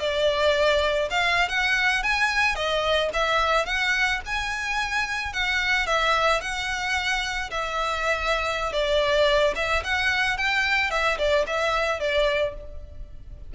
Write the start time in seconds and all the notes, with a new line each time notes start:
0.00 D5
1.10 F5
1.49 F#5
2.03 G#5
2.56 D#5
3.14 E5
3.66 F#5
4.26 G#5
5.33 F#5
5.87 E5
6.41 F#5
7.51 E5
8.73 D5
9.56 E5
9.84 F#5
10.38 G5
10.91 E5
11.18 D5
11.47 E5
12.00 D5